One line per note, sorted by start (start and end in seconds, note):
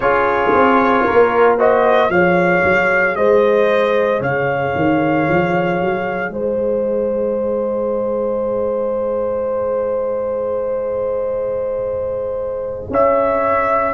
0.00 0.50 C#4
0.00 1.59 F4
0.00 1.05 G#4
0.00 1.56 C#5
0.53 1.06 C4
1.05 2.09 A#3
1.05 1.57 A#4
1.57 2.09 F#4
1.57 2.10 C5
1.57 2.11 D#5
2.09 2.62 F3
2.09 13.93 G#4
2.09 3.17 C#5
2.09 3.15 F5
2.64 3.16 F#3
3.15 4.20 G#3
3.15 4.20 C5
3.15 4.21 D#5
4.20 4.73 C#3
4.20 6.30 C#5
4.20 6.32 F5
4.75 5.27 D#3
5.28 5.80 F3
5.80 6.29 F#3
6.29 12.87 G#3
6.29 12.90 C5
6.29 12.90 D#5
12.89 13.93 C#4
12.89 13.93 C#5
12.89 13.93 E5